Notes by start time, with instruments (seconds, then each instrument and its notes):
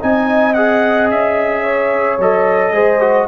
0.00 tuba C4, trombone D#4, horn D#5, trumpet G#5
0.53 trombone G#4, trumpet F#5
1.10 tuba C#4, trumpet E5
1.63 horn C#5
2.18 tuba F#3, trombone A4, trumpet D#5
2.71 tuba G#3, trombone G#4, horn C5
3.00 trombone F#4